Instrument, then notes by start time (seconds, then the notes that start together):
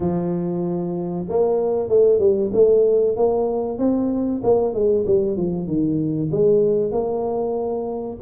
tuba
0.00 F3
1.28 A#3
1.88 A3
2.19 G3
2.53 A3
3.16 A#3
3.78 C4
4.43 A#3
4.73 G#3
5.06 G3
5.36 F3
5.67 D#3
6.31 G#3
6.91 A#3